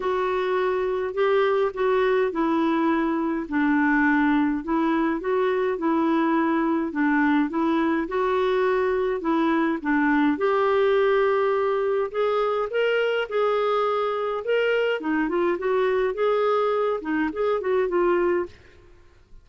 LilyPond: \new Staff \with { instrumentName = "clarinet" } { \time 4/4 \tempo 4 = 104 fis'2 g'4 fis'4 | e'2 d'2 | e'4 fis'4 e'2 | d'4 e'4 fis'2 |
e'4 d'4 g'2~ | g'4 gis'4 ais'4 gis'4~ | gis'4 ais'4 dis'8 f'8 fis'4 | gis'4. dis'8 gis'8 fis'8 f'4 | }